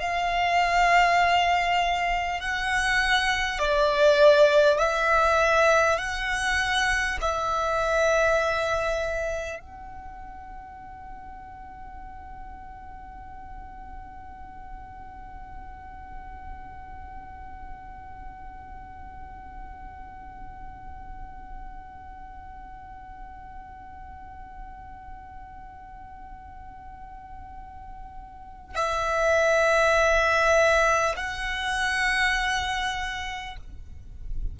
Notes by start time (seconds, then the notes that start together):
0.00 F5
2.40 F#5
3.58 D5
4.78 E5
5.98 F#5
7.21 E5
9.59 F#5
28.75 E5
31.16 F#5